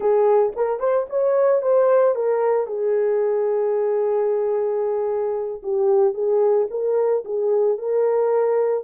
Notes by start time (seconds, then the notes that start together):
0.00 G#4
0.56 A#4
0.79 C5
1.09 C#5
1.62 C5
2.15 A#4
2.66 G#4
5.62 G4
6.13 G#4
6.70 A#4
7.24 G#4
7.78 A#4